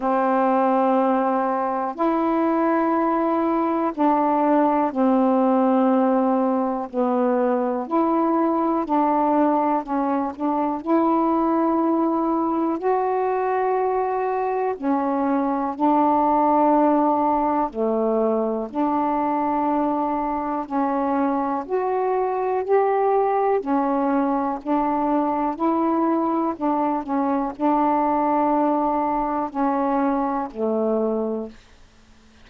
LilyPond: \new Staff \with { instrumentName = "saxophone" } { \time 4/4 \tempo 4 = 61 c'2 e'2 | d'4 c'2 b4 | e'4 d'4 cis'8 d'8 e'4~ | e'4 fis'2 cis'4 |
d'2 a4 d'4~ | d'4 cis'4 fis'4 g'4 | cis'4 d'4 e'4 d'8 cis'8 | d'2 cis'4 a4 | }